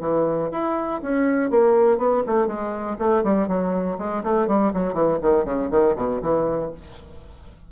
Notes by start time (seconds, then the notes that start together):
0.00 E3
0.51 E4
1.02 C#4
1.50 A#3
1.97 B3
2.26 A3
2.47 G#3
2.98 A3
3.23 G3
3.47 F#3
3.98 G#3
4.23 A3
4.47 G3
4.73 F#3
4.93 E3
5.22 D#3
5.44 C#3
5.70 D#3
5.95 B2
6.21 E3